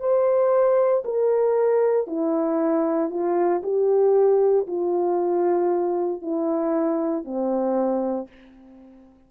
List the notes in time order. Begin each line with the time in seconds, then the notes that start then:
0.00 C5
1.04 A#4
2.07 E4
3.10 F4
3.63 G4
4.67 F4
6.22 E4
7.24 C4